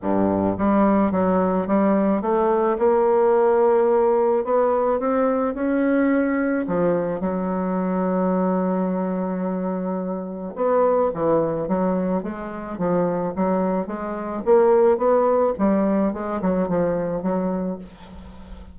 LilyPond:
\new Staff \with { instrumentName = "bassoon" } { \time 4/4 \tempo 4 = 108 g,4 g4 fis4 g4 | a4 ais2. | b4 c'4 cis'2 | f4 fis2.~ |
fis2. b4 | e4 fis4 gis4 f4 | fis4 gis4 ais4 b4 | g4 gis8 fis8 f4 fis4 | }